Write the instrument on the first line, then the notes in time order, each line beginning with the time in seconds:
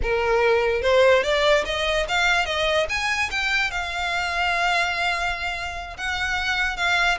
violin
0.02 A#4
0.81 C5
1.23 D5
1.65 D#5
2.08 F5
2.45 D#5
2.89 G#5
3.30 G5
3.70 F5
5.97 F#5
6.76 F5